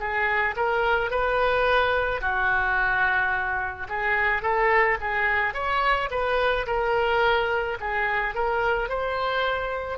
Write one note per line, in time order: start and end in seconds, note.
0.00 0.56 G#4
0.56 1.11 A#4
1.11 2.21 B4
2.21 3.88 F#4
3.89 4.42 G#4
4.42 4.98 A4
5.01 5.54 G#4
5.54 6.10 C#5
6.11 6.67 B4
6.67 7.78 A#4
7.80 8.35 G#4
8.35 8.89 A#4
8.89 9.98 C5